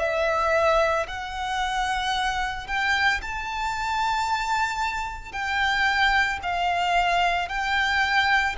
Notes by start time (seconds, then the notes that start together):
0.00 E5
1.08 F#5
2.67 G5
3.22 A5
5.32 G5
6.43 F5
7.49 G5